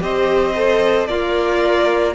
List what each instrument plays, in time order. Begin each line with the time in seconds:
0.00 cello C4, viola G4, violin C5 D#5
0.56 viola A4
1.07 cello A#3, violin F4 D5, viola A#4